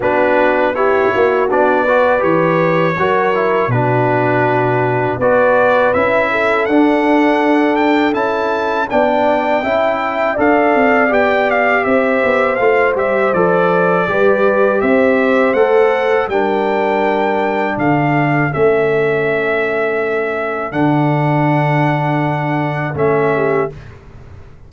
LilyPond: <<
  \new Staff \with { instrumentName = "trumpet" } { \time 4/4 \tempo 4 = 81 b'4 cis''4 d''4 cis''4~ | cis''4 b'2 d''4 | e''4 fis''4. g''8 a''4 | g''2 f''4 g''8 f''8 |
e''4 f''8 e''8 d''2 | e''4 fis''4 g''2 | f''4 e''2. | fis''2. e''4 | }
  \new Staff \with { instrumentName = "horn" } { \time 4/4 fis'4 g'8 fis'4 b'4. | ais'4 fis'2 b'4~ | b'8 a'2.~ a'8 | d''4 e''4 d''2 |
c''2. b'4 | c''2 ais'2 | a'1~ | a'2.~ a'8 g'8 | }
  \new Staff \with { instrumentName = "trombone" } { \time 4/4 d'4 e'4 d'8 fis'8 g'4 | fis'8 e'8 d'2 fis'4 | e'4 d'2 e'4 | d'4 e'4 a'4 g'4~ |
g'4 f'8 g'8 a'4 g'4~ | g'4 a'4 d'2~ | d'4 cis'2. | d'2. cis'4 | }
  \new Staff \with { instrumentName = "tuba" } { \time 4/4 b4. ais8 b4 e4 | fis4 b,2 b4 | cis'4 d'2 cis'4 | b4 cis'4 d'8 c'8 b4 |
c'8 b8 a8 g8 f4 g4 | c'4 a4 g2 | d4 a2. | d2. a4 | }
>>